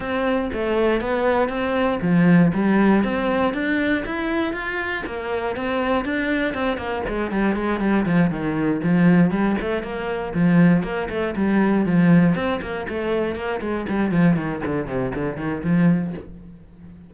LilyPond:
\new Staff \with { instrumentName = "cello" } { \time 4/4 \tempo 4 = 119 c'4 a4 b4 c'4 | f4 g4 c'4 d'4 | e'4 f'4 ais4 c'4 | d'4 c'8 ais8 gis8 g8 gis8 g8 |
f8 dis4 f4 g8 a8 ais8~ | ais8 f4 ais8 a8 g4 f8~ | f8 c'8 ais8 a4 ais8 gis8 g8 | f8 dis8 d8 c8 d8 dis8 f4 | }